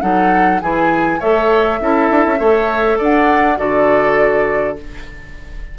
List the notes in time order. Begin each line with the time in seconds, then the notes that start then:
0.00 F#3 D#4 A4 F#5
0.61 E3 E4 G#4 G#5
1.19 A3 A4 C#5 E5
1.80 C#4 E4 A4
2.10 D4
2.26 C#4
2.38 A3 A4 C#5
2.98 D4 D5 F#5
3.57 D3 F#4 A4 D5